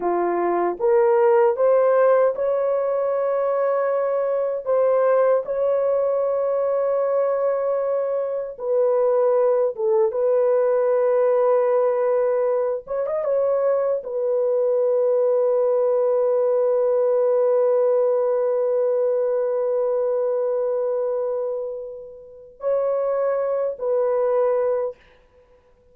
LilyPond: \new Staff \with { instrumentName = "horn" } { \time 4/4 \tempo 4 = 77 f'4 ais'4 c''4 cis''4~ | cis''2 c''4 cis''4~ | cis''2. b'4~ | b'8 a'8 b'2.~ |
b'8 cis''16 dis''16 cis''4 b'2~ | b'1~ | b'1~ | b'4 cis''4. b'4. | }